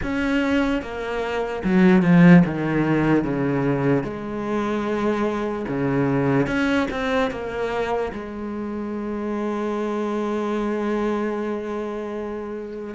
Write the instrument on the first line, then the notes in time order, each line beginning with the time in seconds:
cello
0.02 C#4
0.81 A#3
1.64 F#3
2.02 F3
2.45 D#3
3.24 C#3
4.03 G#3
5.68 C#3
6.46 C#4
6.91 C4
7.30 A#3
8.12 G#3